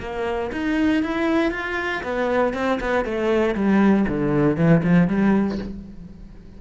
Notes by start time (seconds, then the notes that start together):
0.00 A#3
0.52 D#4
1.03 E4
1.51 F4
2.03 B3
2.53 C4
2.80 B3
3.05 A3
3.55 G3
4.08 D3
4.56 E3
4.83 F3
5.07 G3